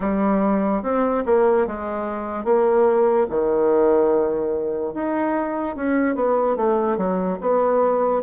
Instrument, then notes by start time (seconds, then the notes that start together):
bassoon
0.00 G3
0.83 C4
1.25 A#3
1.67 G#3
2.44 A#3
3.29 D#3
4.94 D#4
5.76 C#4
6.15 B3
6.56 A3
6.97 F#3
7.40 B3